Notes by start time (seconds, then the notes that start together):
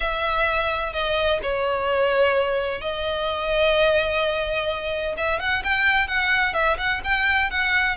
0.00 E5
0.92 D#5
1.42 C#5
2.81 D#5
5.17 E5
5.39 F#5
5.64 G5
6.07 F#5
6.53 E5
6.77 F#5
7.04 G5
7.50 F#5